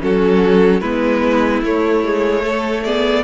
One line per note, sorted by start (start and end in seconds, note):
0.00 0.81 F#3
0.00 0.81 C#4
0.00 0.81 F#4
0.00 0.80 A4
0.80 1.62 G#3
0.80 1.64 B3
0.80 2.43 E4
0.80 1.61 B4
1.62 3.24 A3
1.62 2.03 A3
1.62 2.84 C#5
2.03 2.43 G#3
2.43 2.83 A3
2.43 2.83 A4
2.84 3.24 B3
2.84 3.24 G#4
2.84 3.24 D5